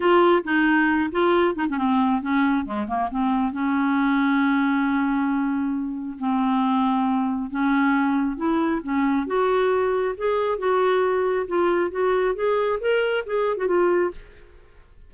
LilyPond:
\new Staff \with { instrumentName = "clarinet" } { \time 4/4 \tempo 4 = 136 f'4 dis'4. f'4 dis'16 cis'16 | c'4 cis'4 gis8 ais8 c'4 | cis'1~ | cis'2 c'2~ |
c'4 cis'2 e'4 | cis'4 fis'2 gis'4 | fis'2 f'4 fis'4 | gis'4 ais'4 gis'8. fis'16 f'4 | }